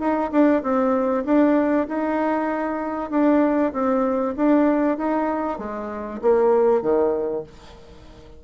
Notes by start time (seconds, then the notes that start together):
0.00 D#4
0.32 D4
0.63 C4
1.26 D4
1.89 D#4
3.11 D4
3.73 C4
4.37 D4
4.98 D#4
5.59 G#3
6.22 A#3
6.82 D#3